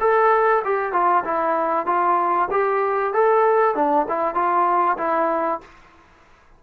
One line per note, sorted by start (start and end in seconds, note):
0.00 0.62 A4
0.64 0.92 G4
0.92 1.24 F4
1.24 1.86 E4
1.86 2.48 F4
2.51 3.13 G4
3.13 3.75 A4
3.75 4.06 D4
4.08 4.34 E4
4.34 4.97 F4
4.98 5.60 E4